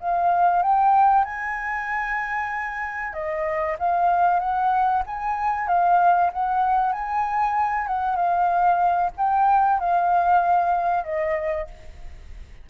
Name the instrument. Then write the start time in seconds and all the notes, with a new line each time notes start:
flute
0.00 F5
0.62 G5
1.25 G#5
3.13 D#5
3.79 F5
4.40 F#5
5.06 G#5
5.68 F5
6.33 F#5
6.92 G#5
7.87 F#5
8.16 F5
9.17 G5
9.80 F5
11.04 D#5